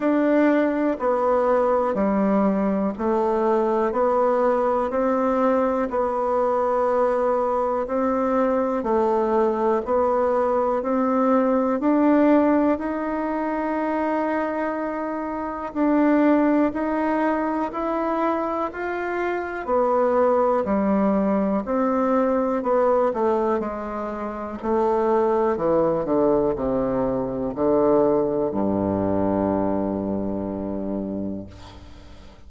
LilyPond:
\new Staff \with { instrumentName = "bassoon" } { \time 4/4 \tempo 4 = 61 d'4 b4 g4 a4 | b4 c'4 b2 | c'4 a4 b4 c'4 | d'4 dis'2. |
d'4 dis'4 e'4 f'4 | b4 g4 c'4 b8 a8 | gis4 a4 e8 d8 c4 | d4 g,2. | }